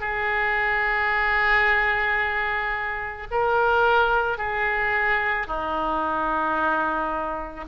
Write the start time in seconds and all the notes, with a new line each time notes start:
0.00 G#4
3.31 A#4
4.38 G#4
5.47 D#4